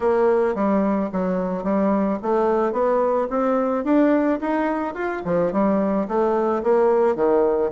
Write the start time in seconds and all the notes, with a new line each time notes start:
0.00 A#3
0.54 G3
1.12 F#3
1.63 G3
2.22 A3
2.72 B3
3.30 C4
3.84 D4
4.40 D#4
4.94 F4
5.24 F3
5.52 G3
6.08 A3
6.63 A#3
7.15 D#3